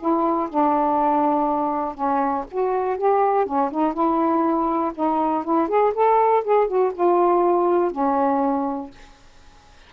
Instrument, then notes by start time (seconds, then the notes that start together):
saxophone
0.00 E4
0.50 D4
1.95 C#4
2.51 F#4
2.98 G4
3.46 C#4
3.71 D#4
3.94 E4
4.95 D#4
5.45 E4
5.69 G#4
5.95 A4
6.45 G#4
6.68 F#4
6.94 F4
7.92 C#4